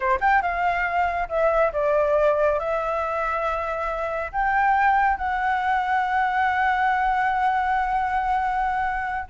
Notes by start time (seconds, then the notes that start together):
0.00 C5
0.20 G5
0.42 F5
1.28 E5
1.73 D5
2.59 E5
4.32 G5
5.17 F#5